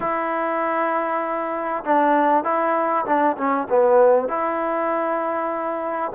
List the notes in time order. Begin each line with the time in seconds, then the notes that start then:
0.00 E4
1.84 D4
2.44 E4
3.05 D4
3.37 C#4
3.69 B3
4.28 E4